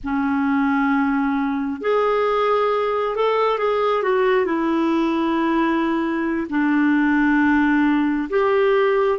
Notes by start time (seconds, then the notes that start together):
0.03 C#4
1.81 G#4
3.15 A4
3.58 G#4
4.03 F#4
4.45 E4
6.49 D4
8.29 G4